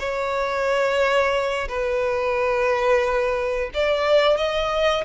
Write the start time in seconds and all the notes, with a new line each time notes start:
0.00 C#5
1.69 B4
3.74 D5
4.37 D#5